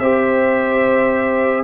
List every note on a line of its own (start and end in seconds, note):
0.00 1.64 C4
0.00 1.64 G4
0.00 1.64 C5
0.00 1.64 E5